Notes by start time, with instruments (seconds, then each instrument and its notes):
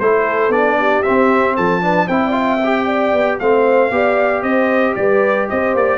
0.00 tuba A3, trombone E4, horn A4, trumpet C5
0.49 tuba B3, trombone D4, trumpet D5
0.79 horn G4
1.03 trombone C4, tuba C4, trumpet E5
1.57 tuba F3, horn A4, trumpet A5
1.82 trombone D4, horn B4
2.07 tuba C4, trombone E4, horn C5, trumpet G5
2.26 trombone F4, horn D5
2.33 horn E5
2.64 trombone G4
2.86 horn D5
3.14 tuba B3
3.40 tuba A3, trombone C4, horn C5, trumpet F5
3.91 tuba B3, trombone G4, horn D5
4.43 tuba C4, horn C5, trumpet D#5
4.96 tuba G3, horn B4, trumpet D5
5.50 tuba C4, horn C5, trumpet D#5
5.75 tuba A#3, trumpet D5